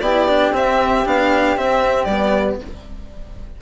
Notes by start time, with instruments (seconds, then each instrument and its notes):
0.00 bassoon B3, cello E4, flute G4, violin D5
0.28 cello D4
0.50 bassoon C4, cello C4, violin E5
1.05 bassoon B3, cello D4, violin F5
1.56 bassoon C4, cello C4, violin E5
2.04 bassoon G3, cello B3, violin D5